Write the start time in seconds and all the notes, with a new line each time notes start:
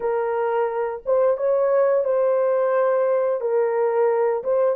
0.00 A#4
1.05 C5
1.37 C#5
2.04 C5
3.41 A#4
4.43 C5